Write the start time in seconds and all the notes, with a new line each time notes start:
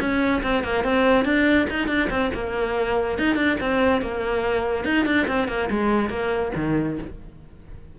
0.00 C#4
0.43 C4
0.64 A#3
0.84 C4
1.25 D4
1.70 D#4
1.88 D4
2.10 C4
2.34 A#3
3.19 D#4
3.36 D4
3.60 C4
4.02 A#3
4.85 D#4
5.06 D4
5.28 C4
5.48 A#3
5.71 G#3
6.10 A#3
6.56 D#3